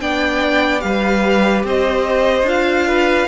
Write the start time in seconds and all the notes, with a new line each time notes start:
0.00 B3 D4 D5 G5
0.80 G3 G4 B4 F5
1.63 C4 C5 D#5
2.42 D4 F4 F5
2.87 B4